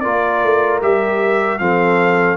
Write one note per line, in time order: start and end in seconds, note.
0.00 0.43 A#3
0.00 0.82 F4
0.00 1.60 A#4
0.00 0.79 D5
0.43 0.82 A3
0.82 1.60 G3
0.82 1.59 G4
0.82 1.59 E5
1.59 2.37 F3
1.59 2.37 C4
1.59 2.37 A4
1.59 2.37 F5